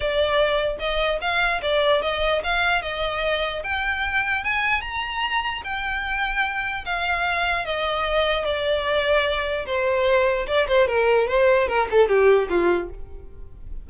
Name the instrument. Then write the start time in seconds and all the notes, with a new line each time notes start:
violin
0.00 D5
0.79 D#5
1.21 F5
1.62 D5
2.02 D#5
2.43 F5
2.82 D#5
3.63 G5
4.43 G#5
4.81 A#5
5.64 G5
6.85 F5
7.65 D#5
8.44 D5
9.66 C5
10.47 D5
10.67 C5
10.87 A#4
11.27 C5
11.68 A#4
11.90 A4
12.08 G4
12.49 F4